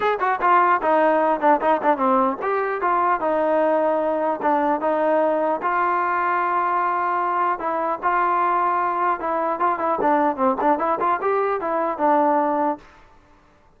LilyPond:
\new Staff \with { instrumentName = "trombone" } { \time 4/4 \tempo 4 = 150 gis'8 fis'8 f'4 dis'4. d'8 | dis'8 d'8 c'4 g'4 f'4 | dis'2. d'4 | dis'2 f'2~ |
f'2. e'4 | f'2. e'4 | f'8 e'8 d'4 c'8 d'8 e'8 f'8 | g'4 e'4 d'2 | }